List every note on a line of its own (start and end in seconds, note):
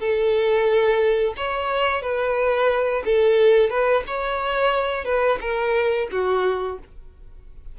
0.00 1.35 A4
1.37 2.02 C#5
2.02 3.03 B4
3.06 3.70 A4
3.70 4.04 B4
4.07 5.05 C#5
5.05 5.39 B4
5.41 6.09 A#4
6.12 6.79 F#4